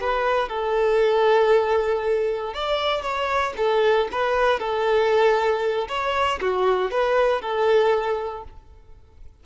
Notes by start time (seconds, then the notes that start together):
0.00 B4
0.48 A4
2.53 D5
3.02 C#5
3.57 A4
4.12 B4
4.59 A4
5.88 C#5
6.41 F#4
6.91 B4
7.41 A4